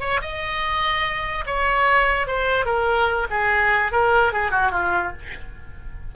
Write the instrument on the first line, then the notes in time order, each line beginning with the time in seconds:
oboe
0.00 C#5
0.21 D#5
1.46 C#5
2.27 C5
2.66 A#4
3.30 G#4
3.92 A#4
4.33 G#4
4.51 F#4
4.71 F4